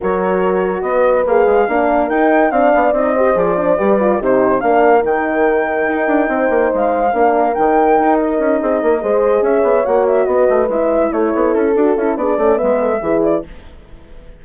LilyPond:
<<
  \new Staff \with { instrumentName = "flute" } { \time 4/4 \tempo 4 = 143 cis''2 dis''4 f''4~ | f''4 g''4 f''4 dis''4 | d''2 c''4 f''4 | g''1 |
f''2 g''4. dis''8~ | dis''2~ dis''8 e''4 fis''8 | e''8 dis''4 e''4 cis''4 a'8~ | a'4 d''4 e''4. d''8 | }
  \new Staff \with { instrumentName = "horn" } { \time 4/4 ais'2 b'2 | ais'2 d''4. c''8~ | c''4 b'4 g'4 ais'4~ | ais'2. c''4~ |
c''4 ais'2.~ | ais'8 gis'8 ais'8 c''4 cis''4.~ | cis''8 b'2 a'4.~ | a'4 gis'8 a'8 b'8 a'8 gis'4 | }
  \new Staff \with { instrumentName = "horn" } { \time 4/4 fis'2. gis'4 | d'4 dis'4 d'4 dis'8 g'8 | gis'8 d'8 g'8 f'8 dis'4 d'4 | dis'1~ |
dis'4 d'4 dis'2~ | dis'4. gis'2 fis'8~ | fis'4. e'2~ e'8 | fis'8 e'8 d'8 cis'8 b4 e'4 | }
  \new Staff \with { instrumentName = "bassoon" } { \time 4/4 fis2 b4 ais8 gis8 | ais4 dis'4 c'8 b8 c'4 | f4 g4 c4 ais4 | dis2 dis'8 d'8 c'8 ais8 |
gis4 ais4 dis4 dis'4 | cis'8 c'8 ais8 gis4 cis'8 b8 ais8~ | ais8 b8 a8 gis4 a8 b8 cis'8 | d'8 cis'8 b8 a8 gis4 e4 | }
>>